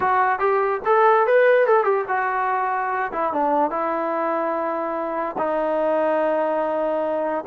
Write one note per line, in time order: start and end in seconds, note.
0.00 0.39 F#4
0.39 0.80 G4
0.85 1.26 A4
1.26 1.67 B4
1.67 1.84 A4
1.84 2.04 G4
2.08 3.11 F#4
3.12 3.33 E4
3.33 3.70 D4
3.70 5.36 E4
5.37 7.44 D#4